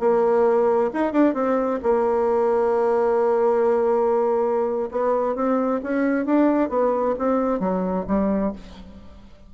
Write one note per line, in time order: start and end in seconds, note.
0.00 0.91 A#3
0.93 1.13 D#4
1.13 1.35 D4
1.35 1.80 C4
1.83 4.90 A#3
4.92 5.36 B3
5.36 5.81 C4
5.83 6.26 C#4
6.26 6.70 D4
6.70 7.15 B3
7.19 7.60 C4
7.60 8.06 F#3
8.08 8.53 G3